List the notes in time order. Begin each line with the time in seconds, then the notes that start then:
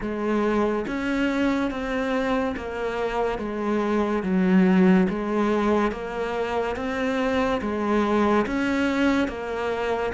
0.00 G#3
0.87 C#4
1.71 C4
2.56 A#3
3.38 G#3
4.23 F#3
5.09 G#3
5.91 A#3
6.76 C4
7.61 G#3
8.46 C#4
9.28 A#3